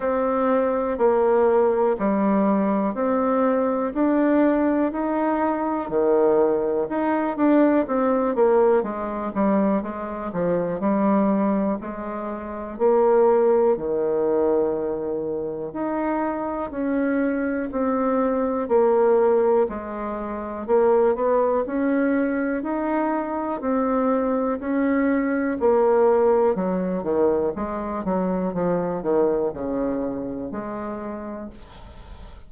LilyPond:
\new Staff \with { instrumentName = "bassoon" } { \time 4/4 \tempo 4 = 61 c'4 ais4 g4 c'4 | d'4 dis'4 dis4 dis'8 d'8 | c'8 ais8 gis8 g8 gis8 f8 g4 | gis4 ais4 dis2 |
dis'4 cis'4 c'4 ais4 | gis4 ais8 b8 cis'4 dis'4 | c'4 cis'4 ais4 fis8 dis8 | gis8 fis8 f8 dis8 cis4 gis4 | }